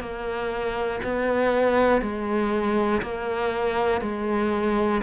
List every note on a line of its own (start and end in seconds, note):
0.00 1.00 A#3
1.03 2.01 B3
2.01 3.01 G#3
3.02 4.01 A#3
4.01 5.01 G#3